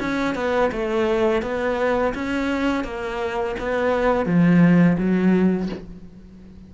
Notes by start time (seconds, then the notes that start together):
0.00 C#4
0.35 B3
0.72 A3
1.43 B3
2.15 C#4
2.84 A#3
3.60 B3
4.26 F3
4.98 F#3